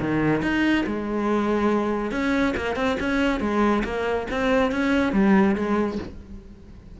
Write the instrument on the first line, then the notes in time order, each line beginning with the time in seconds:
cello
0.00 D#3
0.42 D#4
0.86 G#3
2.11 C#4
2.56 A#3
2.75 C4
2.99 C#4
3.40 G#3
3.84 A#3
4.30 C4
4.71 C#4
5.12 G3
5.55 G#3